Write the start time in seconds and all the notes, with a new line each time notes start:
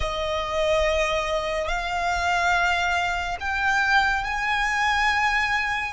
0.00 D#5
1.68 F5
3.40 G5
4.24 G#5